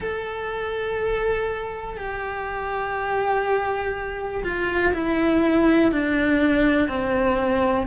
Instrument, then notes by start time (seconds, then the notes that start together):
cello
0.00 A4
1.97 G4
4.43 F4
4.93 E4
5.91 D4
6.88 C4